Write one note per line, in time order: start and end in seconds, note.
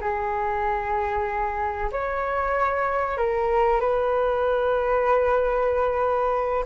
0.00 1.89 G#4
1.91 3.17 C#5
3.17 3.80 A#4
3.80 6.64 B4